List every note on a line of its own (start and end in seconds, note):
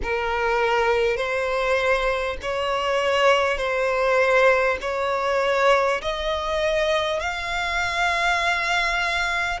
0.02 1.16 A#4
1.16 2.36 C5
2.42 3.57 C#5
3.57 4.77 C5
4.81 6.01 C#5
6.01 7.19 D#5
7.19 9.59 F5